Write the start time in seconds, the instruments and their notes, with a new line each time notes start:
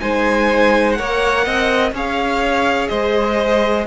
0.00 cello G#3, viola D#4, violin C5 G#5
0.93 viola A#4, violin C#5 F#5
0.99 cello A#3
1.45 cello C4, violin D#5
1.92 cello C#4, viola G#4, violin C#5 F5
2.88 cello G#3, violin C5 D#5